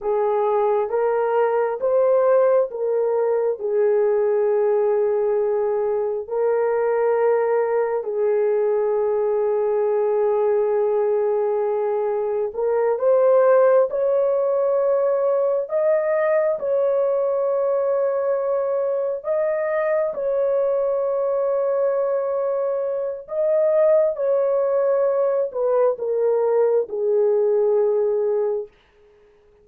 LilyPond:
\new Staff \with { instrumentName = "horn" } { \time 4/4 \tempo 4 = 67 gis'4 ais'4 c''4 ais'4 | gis'2. ais'4~ | ais'4 gis'2.~ | gis'2 ais'8 c''4 cis''8~ |
cis''4. dis''4 cis''4.~ | cis''4. dis''4 cis''4.~ | cis''2 dis''4 cis''4~ | cis''8 b'8 ais'4 gis'2 | }